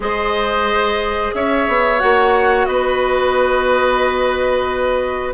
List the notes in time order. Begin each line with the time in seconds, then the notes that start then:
0.00 G#3 G#4 C5 D#5
1.34 C#4 C#5 E5
1.67 B3
1.99 A#3 F#4 F#5
2.65 B3 B4 D#5